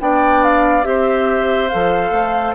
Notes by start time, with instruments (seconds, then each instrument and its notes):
0.00 bassoon B3, clarinet D4, oboe D5, flute G5
0.44 flute F5
0.83 bassoon C4, clarinet G4, oboe C5, flute E5
1.69 bassoon F3, clarinet A4, flute F5
2.11 bassoon A3